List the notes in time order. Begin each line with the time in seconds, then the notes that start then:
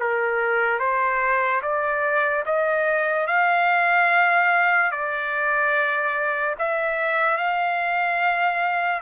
0.00 A#4
0.80 C5
1.63 D5
2.46 D#5
3.27 F5
4.91 D5
6.59 E5
7.38 F5